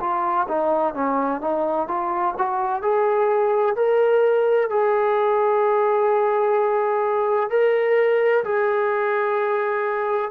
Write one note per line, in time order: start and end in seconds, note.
0.00 0.47 F4
0.48 0.94 D#4
0.94 1.41 C#4
1.41 1.87 D#4
1.87 2.34 F4
2.38 2.82 F#4
2.82 3.76 G#4
3.76 4.70 A#4
4.70 7.50 G#4
7.50 8.44 A#4
8.44 10.31 G#4